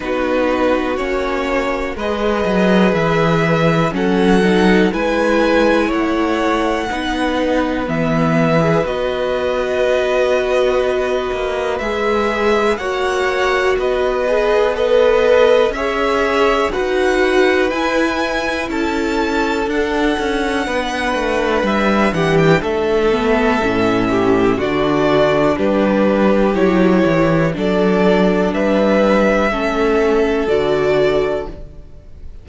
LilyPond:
<<
  \new Staff \with { instrumentName = "violin" } { \time 4/4 \tempo 4 = 61 b'4 cis''4 dis''4 e''4 | fis''4 gis''4 fis''2 | e''4 dis''2. | e''4 fis''4 dis''4 b'4 |
e''4 fis''4 gis''4 a''4 | fis''2 e''8 fis''16 g''16 e''4~ | e''4 d''4 b'4 cis''4 | d''4 e''2 d''4 | }
  \new Staff \with { instrumentName = "violin" } { \time 4/4 fis'2 b'2 | a'4 b'4 cis''4 b'4~ | b'1~ | b'4 cis''4 b'4 dis''4 |
cis''4 b'2 a'4~ | a'4 b'4. g'8 a'4~ | a'8 g'8 fis'4 g'2 | a'4 b'4 a'2 | }
  \new Staff \with { instrumentName = "viola" } { \time 4/4 dis'4 cis'4 gis'2 | cis'8 dis'8 e'2 dis'4 | b8. gis'16 fis'2. | gis'4 fis'4. gis'8 a'4 |
gis'4 fis'4 e'2 | d'2.~ d'8 b8 | cis'4 d'2 e'4 | d'2 cis'4 fis'4 | }
  \new Staff \with { instrumentName = "cello" } { \time 4/4 b4 ais4 gis8 fis8 e4 | fis4 gis4 a4 b4 | e4 b2~ b8 ais8 | gis4 ais4 b2 |
cis'4 dis'4 e'4 cis'4 | d'8 cis'8 b8 a8 g8 e8 a4 | a,4 d4 g4 fis8 e8 | fis4 g4 a4 d4 | }
>>